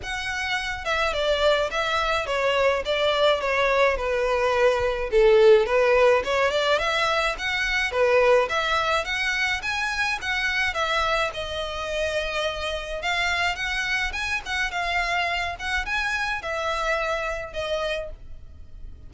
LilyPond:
\new Staff \with { instrumentName = "violin" } { \time 4/4 \tempo 4 = 106 fis''4. e''8 d''4 e''4 | cis''4 d''4 cis''4 b'4~ | b'4 a'4 b'4 cis''8 d''8 | e''4 fis''4 b'4 e''4 |
fis''4 gis''4 fis''4 e''4 | dis''2. f''4 | fis''4 gis''8 fis''8 f''4. fis''8 | gis''4 e''2 dis''4 | }